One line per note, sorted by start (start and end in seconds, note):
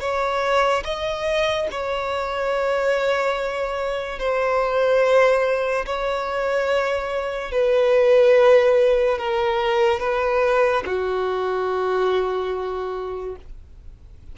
0.00 0.83 C#5
0.84 1.67 D#5
1.71 4.19 C#5
4.19 5.86 C5
5.86 7.52 C#5
7.52 9.18 B4
9.18 10.00 A#4
10.00 10.83 B4
10.86 13.36 F#4